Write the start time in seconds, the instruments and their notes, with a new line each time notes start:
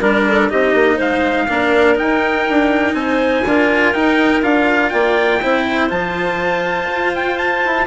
0.00 bassoon G3, cello D4, clarinet A#4, trumpet A#4
0.28 clarinet A4
0.50 bassoon C4, cello D#4, clarinet G4, trumpet D#5
0.74 bassoon A#3
0.95 bassoon G#3, clarinet C5, trumpet F5
1.48 bassoon A#3, cello D4, clarinet A#4
1.96 cello D#4, bassoon D#4, trumpet G5
2.49 bassoon D4
2.94 bassoon C4, clarinet C5, trumpet G#5
3.45 bassoon D4, cello F4, clarinet A#4
3.94 cello D#4, bassoon D#4, trumpet G5
4.43 bassoon D4, cello F4, trumpet F5
4.90 bassoon A#3, clarinet D5, trumpet G5
5.42 bassoon C4, cello E4, clarinet C5
5.90 bassoon F3, cello F4, trumpet A5
6.91 bassoon F4
7.15 trumpet G5
7.38 trumpet A5
7.65 bassoon E4